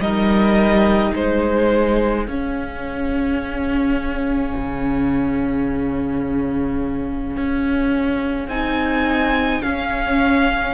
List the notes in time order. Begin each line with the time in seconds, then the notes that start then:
0.00 G3 D#4 A#4 D#5
1.12 G#3 G#4 C5
2.28 C#4 F5
4.56 C#3
7.37 C#4
8.48 C4 D#4 G#5
9.62 C#4 F5